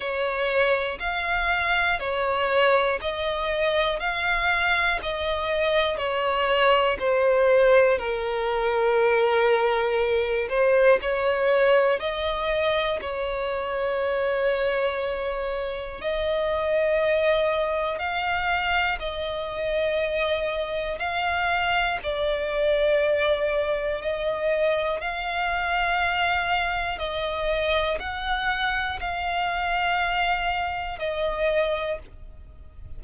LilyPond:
\new Staff \with { instrumentName = "violin" } { \time 4/4 \tempo 4 = 60 cis''4 f''4 cis''4 dis''4 | f''4 dis''4 cis''4 c''4 | ais'2~ ais'8 c''8 cis''4 | dis''4 cis''2. |
dis''2 f''4 dis''4~ | dis''4 f''4 d''2 | dis''4 f''2 dis''4 | fis''4 f''2 dis''4 | }